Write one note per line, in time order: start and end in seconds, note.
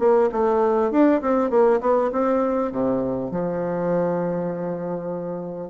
0.00 0.30 A#3
0.32 0.92 A3
0.92 1.22 D4
1.22 1.51 C4
1.51 1.81 A#3
1.81 2.11 B3
2.13 2.72 C4
2.72 3.32 C3
3.32 5.71 F3